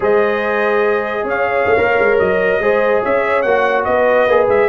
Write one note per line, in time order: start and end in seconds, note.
0.00 1.23 G#3
0.00 1.77 G#4
0.00 1.25 C5
0.00 1.27 D#5
1.23 1.65 C#4
1.23 2.62 C#5
1.23 2.19 F5
1.66 1.76 A3
1.77 1.98 A#3
1.77 2.60 A#4
1.98 2.19 G#3
2.19 2.59 F#3
2.19 3.02 D#5
2.59 3.01 G#3
2.59 3.45 G#4
2.59 3.01 C5
3.01 3.44 C#4
3.01 3.85 C#5
3.01 3.42 E5
3.42 3.86 A#3
3.42 4.29 F#4
3.42 3.83 F#5
3.84 4.27 B3
3.84 4.69 B4
3.84 4.47 D#5
4.27 4.47 A#3
4.27 4.69 G#4
4.48 4.69 G#3
4.48 4.69 E5